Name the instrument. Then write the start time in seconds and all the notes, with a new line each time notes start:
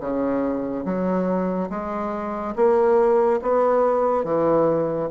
bassoon
0.00 C#3
0.85 F#3
1.70 G#3
2.55 A#3
3.42 B3
4.24 E3